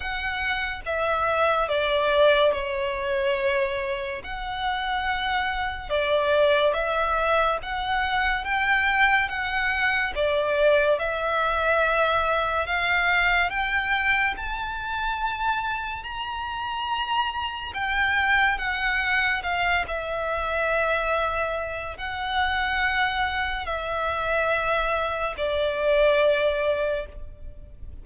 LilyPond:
\new Staff \with { instrumentName = "violin" } { \time 4/4 \tempo 4 = 71 fis''4 e''4 d''4 cis''4~ | cis''4 fis''2 d''4 | e''4 fis''4 g''4 fis''4 | d''4 e''2 f''4 |
g''4 a''2 ais''4~ | ais''4 g''4 fis''4 f''8 e''8~ | e''2 fis''2 | e''2 d''2 | }